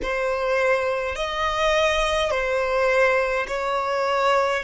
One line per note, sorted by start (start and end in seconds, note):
0.02 1.15 C5
1.15 2.31 D#5
2.31 3.46 C5
3.47 4.63 C#5